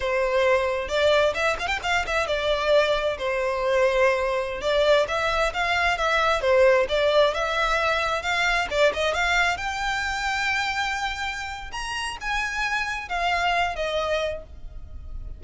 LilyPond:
\new Staff \with { instrumentName = "violin" } { \time 4/4 \tempo 4 = 133 c''2 d''4 e''8 f''16 g''16 | f''8 e''8 d''2 c''4~ | c''2~ c''16 d''4 e''8.~ | e''16 f''4 e''4 c''4 d''8.~ |
d''16 e''2 f''4 d''8 dis''16~ | dis''16 f''4 g''2~ g''8.~ | g''2 ais''4 gis''4~ | gis''4 f''4. dis''4. | }